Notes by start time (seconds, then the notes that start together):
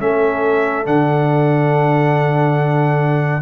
0.00 A3 C#4 A4 E5
0.85 D3 D4 F#5